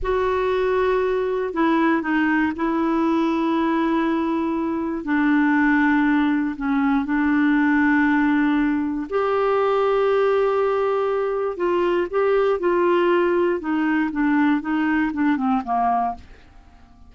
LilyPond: \new Staff \with { instrumentName = "clarinet" } { \time 4/4 \tempo 4 = 119 fis'2. e'4 | dis'4 e'2.~ | e'2 d'2~ | d'4 cis'4 d'2~ |
d'2 g'2~ | g'2. f'4 | g'4 f'2 dis'4 | d'4 dis'4 d'8 c'8 ais4 | }